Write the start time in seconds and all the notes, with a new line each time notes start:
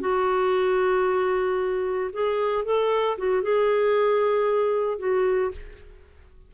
0.00 F#4
2.12 G#4
2.65 A4
3.18 F#4
3.43 G#4
4.99 F#4